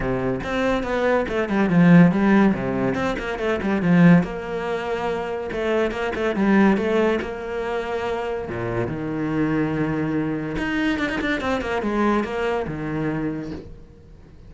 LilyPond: \new Staff \with { instrumentName = "cello" } { \time 4/4 \tempo 4 = 142 c4 c'4 b4 a8 g8 | f4 g4 c4 c'8 ais8 | a8 g8 f4 ais2~ | ais4 a4 ais8 a8 g4 |
a4 ais2. | ais,4 dis2.~ | dis4 dis'4 d'16 dis'16 d'8 c'8 ais8 | gis4 ais4 dis2 | }